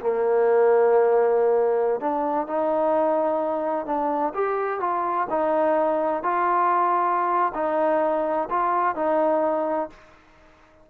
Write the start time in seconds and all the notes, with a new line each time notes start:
0.00 A#3
2.00 D4
2.47 D#4
3.86 D4
4.34 G4
4.80 F4
5.30 D#4
6.23 F4
7.54 D#4
8.50 F4
8.95 D#4